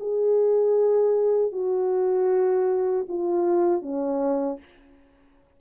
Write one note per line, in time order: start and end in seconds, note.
0.00 1.52 G#4
1.52 3.06 F#4
3.09 3.82 F4
3.82 4.59 C#4